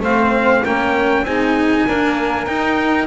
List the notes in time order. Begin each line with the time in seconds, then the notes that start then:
0.00 A3 C4 C5 F5
0.62 A#3 C#4 A#4 G5
1.23 C4 D#4 G#4 G#5
1.86 A#3 D4 A#4
2.46 D#4 G5